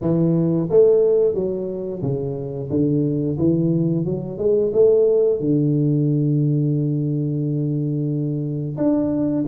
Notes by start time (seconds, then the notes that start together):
0.01 E3
0.70 A3
1.34 F#3
2.02 C#3
2.70 D3
3.38 E3
4.05 F#3
4.38 G#3
4.73 A3
5.39 D3
8.77 D4